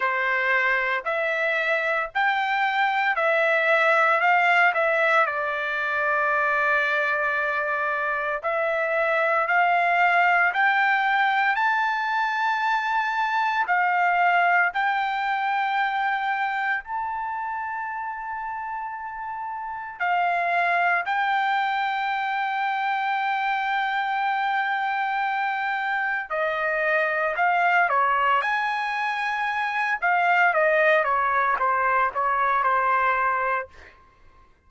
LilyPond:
\new Staff \with { instrumentName = "trumpet" } { \time 4/4 \tempo 4 = 57 c''4 e''4 g''4 e''4 | f''8 e''8 d''2. | e''4 f''4 g''4 a''4~ | a''4 f''4 g''2 |
a''2. f''4 | g''1~ | g''4 dis''4 f''8 cis''8 gis''4~ | gis''8 f''8 dis''8 cis''8 c''8 cis''8 c''4 | }